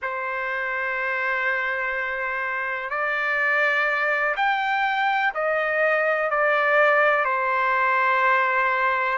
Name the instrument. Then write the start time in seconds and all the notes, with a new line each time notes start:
trumpet
0.02 C5
2.89 D5
4.36 G5
5.34 D#5
6.30 D5
7.24 C5